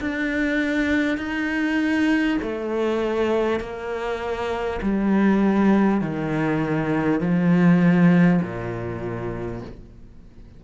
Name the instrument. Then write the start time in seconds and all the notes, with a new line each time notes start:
cello
0.00 D4
1.17 D#4
2.42 A3
3.59 A#3
4.82 G3
6.01 D#3
7.20 F3
8.42 A#2